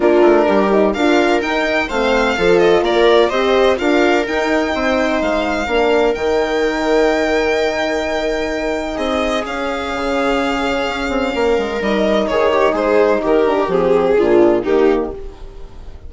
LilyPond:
<<
  \new Staff \with { instrumentName = "violin" } { \time 4/4 \tempo 4 = 127 ais'2 f''4 g''4 | f''4. dis''8 d''4 dis''4 | f''4 g''2 f''4~ | f''4 g''2.~ |
g''2. dis''4 | f''1~ | f''4 dis''4 cis''4 c''4 | ais'4 gis'2 g'4 | }
  \new Staff \with { instrumentName = "viola" } { \time 4/4 f'4 g'4 ais'2 | c''4 a'4 ais'4 c''4 | ais'2 c''2 | ais'1~ |
ais'2. gis'4~ | gis'1 | ais'2 gis'8 g'8 gis'4 | g'2 f'4 dis'4 | }
  \new Staff \with { instrumentName = "horn" } { \time 4/4 d'4. dis'8 f'4 dis'4 | c'4 f'2 g'4 | f'4 dis'2. | d'4 dis'2.~ |
dis'1 | cis'1~ | cis'4 dis'2.~ | dis'8 d'8 c'4 d'4 ais4 | }
  \new Staff \with { instrumentName = "bassoon" } { \time 4/4 ais8 a8 g4 d'4 dis'4 | a4 f4 ais4 c'4 | d'4 dis'4 c'4 gis4 | ais4 dis2.~ |
dis2. c'4 | cis'4 cis2 cis'8 c'8 | ais8 gis8 g4 dis4 gis4 | dis4 f4 ais,4 dis4 | }
>>